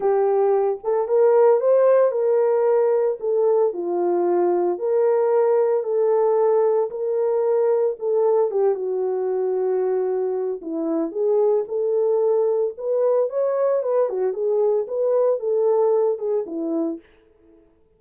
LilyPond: \new Staff \with { instrumentName = "horn" } { \time 4/4 \tempo 4 = 113 g'4. a'8 ais'4 c''4 | ais'2 a'4 f'4~ | f'4 ais'2 a'4~ | a'4 ais'2 a'4 |
g'8 fis'2.~ fis'8 | e'4 gis'4 a'2 | b'4 cis''4 b'8 fis'8 gis'4 | b'4 a'4. gis'8 e'4 | }